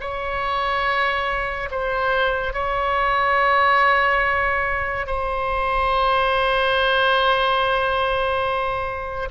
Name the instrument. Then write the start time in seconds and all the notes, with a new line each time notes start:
oboe
0.00 C#5
1.71 C5
2.53 C#5
5.06 C5